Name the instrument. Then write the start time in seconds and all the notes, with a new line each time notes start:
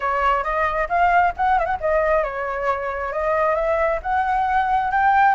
flute
0.00 C#5
0.43 D#5
0.88 F5
1.37 F#5
1.58 E5
1.65 F#5
1.80 D#5
2.23 C#5
3.12 D#5
3.55 E5
4.02 F#5
4.91 G5